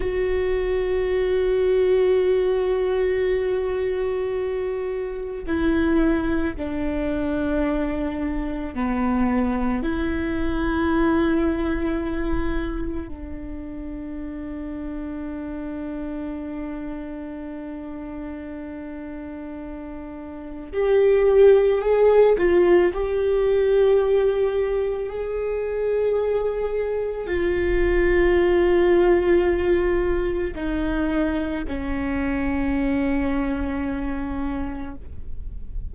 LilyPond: \new Staff \with { instrumentName = "viola" } { \time 4/4 \tempo 4 = 55 fis'1~ | fis'4 e'4 d'2 | b4 e'2. | d'1~ |
d'2. g'4 | gis'8 f'8 g'2 gis'4~ | gis'4 f'2. | dis'4 cis'2. | }